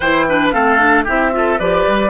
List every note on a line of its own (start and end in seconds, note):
0.00 0.54 E3
0.00 0.28 E4
0.00 0.25 C5
0.00 0.50 G5
0.28 0.52 D4
0.28 0.53 B4
0.51 1.07 A3
0.51 0.78 C4
0.51 1.04 A4
0.51 1.04 F5
0.78 1.05 D4
1.04 1.59 C4
1.04 1.32 E4
1.04 1.30 G4
1.04 1.59 E5
1.32 1.58 F4
1.32 1.59 A4
1.59 1.86 F3
1.59 2.10 G4
1.59 2.10 B4
1.59 2.10 D5
1.87 2.10 G3